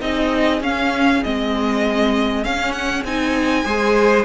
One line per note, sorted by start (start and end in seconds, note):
0.00 0.60 C4
0.00 0.61 D#4
0.00 3.65 G#4
0.00 0.61 D#5
0.60 1.21 C#4
0.60 1.23 C#4
0.60 1.23 F5
1.23 2.45 G#3
1.23 2.43 C4
1.23 2.44 D#5
2.43 3.04 C#4
2.43 2.72 F5
2.72 3.02 F#5
3.04 3.65 C4
3.04 3.65 D#4
3.04 4.25 G#5
3.65 4.25 G#3
3.65 4.25 G#4
3.65 4.25 C5